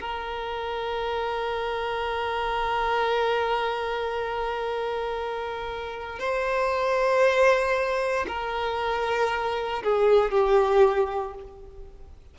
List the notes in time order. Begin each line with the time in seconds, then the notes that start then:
0.00 A#4
6.20 C5
8.28 A#4
9.83 G#4
10.31 G4